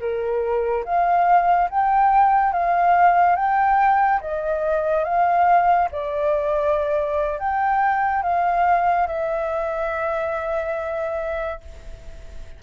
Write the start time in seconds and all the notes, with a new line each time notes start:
0.00 A#4
0.85 F5
1.70 G5
2.53 F5
3.36 G5
4.21 D#5
5.05 F5
5.92 D5
7.39 G5
8.23 F5
9.07 E5